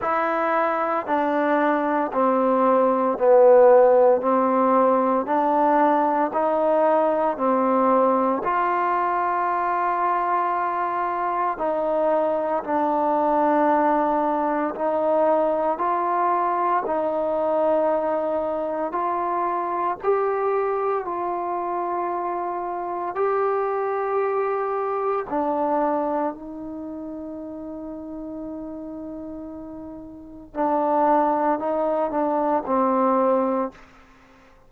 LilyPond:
\new Staff \with { instrumentName = "trombone" } { \time 4/4 \tempo 4 = 57 e'4 d'4 c'4 b4 | c'4 d'4 dis'4 c'4 | f'2. dis'4 | d'2 dis'4 f'4 |
dis'2 f'4 g'4 | f'2 g'2 | d'4 dis'2.~ | dis'4 d'4 dis'8 d'8 c'4 | }